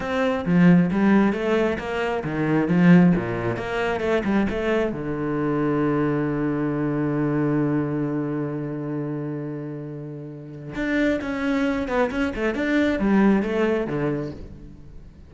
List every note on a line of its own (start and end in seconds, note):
0.00 0.44 C4
0.45 0.90 F3
0.91 1.32 G3
1.32 1.77 A3
1.78 2.23 A#3
2.24 2.68 D#3
2.68 3.12 F3
3.15 3.56 A#2
3.56 4.00 A#3
4.00 4.22 A3
4.24 4.47 G3
4.49 4.92 A3
4.92 10.74 D3
10.75 11.20 D4
11.21 11.87 C#4
11.87 12.10 B3
12.10 12.33 C#4
12.35 12.54 A3
12.54 12.99 D4
12.99 13.42 G3
13.42 13.86 A3
13.86 14.31 D3